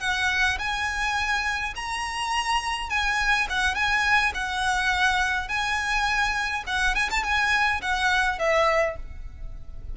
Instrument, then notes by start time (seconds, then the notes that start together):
violin
0.00 F#5
0.58 G#5
1.75 A#5
2.89 G#5
3.49 F#5
3.74 G#5
4.34 F#5
5.48 G#5
6.67 F#5
6.95 G#5
7.10 A5
7.23 G#5
7.81 F#5
8.38 E5